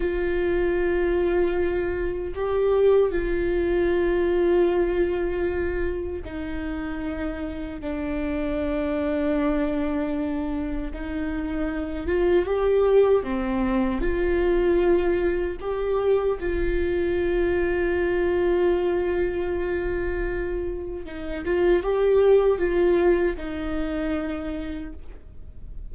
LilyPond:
\new Staff \with { instrumentName = "viola" } { \time 4/4 \tempo 4 = 77 f'2. g'4 | f'1 | dis'2 d'2~ | d'2 dis'4. f'8 |
g'4 c'4 f'2 | g'4 f'2.~ | f'2. dis'8 f'8 | g'4 f'4 dis'2 | }